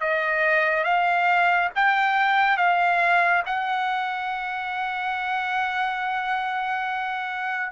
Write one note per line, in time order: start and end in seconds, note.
0.00 0.84 D#5
0.84 1.69 F5
1.75 2.57 G5
2.57 3.43 F5
3.46 7.71 F#5